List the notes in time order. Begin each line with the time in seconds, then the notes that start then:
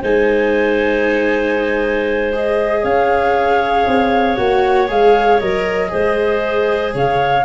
0.00 G#3 D#4 C5 G#5
2.33 G#4 D#5
2.82 C#4 C#5 F5
3.87 C4
4.36 A#3 F#4 F#5
4.88 G#3 G#4 F5
5.40 F#3 A#4 D#5
5.88 G#3 G#4 C5
6.94 C#3 C#5 F5